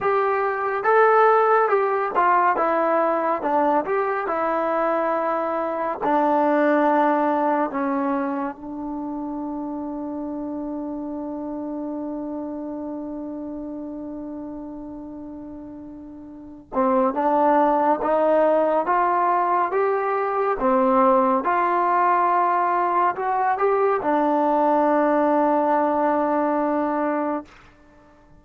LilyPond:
\new Staff \with { instrumentName = "trombone" } { \time 4/4 \tempo 4 = 70 g'4 a'4 g'8 f'8 e'4 | d'8 g'8 e'2 d'4~ | d'4 cis'4 d'2~ | d'1~ |
d'2.~ d'8 c'8 | d'4 dis'4 f'4 g'4 | c'4 f'2 fis'8 g'8 | d'1 | }